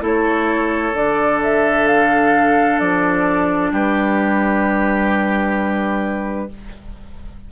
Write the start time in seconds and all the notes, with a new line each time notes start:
0.00 A3 E4 A4 C#5
0.93 D3 D4 D5
1.42 E5
1.87 F5
2.79 F3 D5
3.71 G3 G4 B4